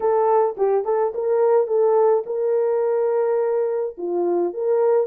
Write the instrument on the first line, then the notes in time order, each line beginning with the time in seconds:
horn
0.00 A4
0.57 G4
0.84 A4
1.14 A#4
1.67 A4
2.26 A#4
3.97 F4
4.53 A#4